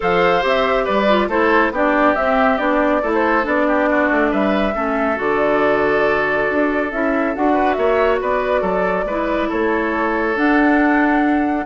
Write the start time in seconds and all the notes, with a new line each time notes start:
0.00 F3 A4 C5 F5
0.41 C4 G4 E5
0.84 G3 B4 D5
1.08 F4
1.28 A3 E4 A4 C5
1.70 B3 D4 G4 D5
2.15 C4 E5
2.57 B3 D4 D5
3.02 A3 E4 A4
3.13 C5
3.42 B3 D4 D5
3.67 G4
3.89 F#4
4.11 A3
4.30 G3 B4 E5
4.74 A3 C#4 A4
5.15 D3 F#4 D5
6.49 D4
6.91 C#4 E4 E5
7.35 D4 F#4 F#5
7.53 B4
7.73 A#3 C#5 E5
8.20 B3 B4 D5
8.61 F#3 A4
9.04 G#3 E4 B4
9.48 A3 A4 C#5
10.35 D4 F#5